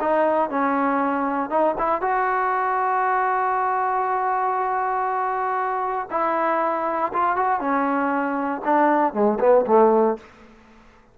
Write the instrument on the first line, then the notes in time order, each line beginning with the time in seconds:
trombone
0.00 D#4
0.50 C#4
1.50 D#4
1.78 E4
2.01 F#4
6.11 E4
7.13 F4
7.36 F#4
7.60 C#4
8.64 D4
9.13 G#3
9.40 B3
9.66 A3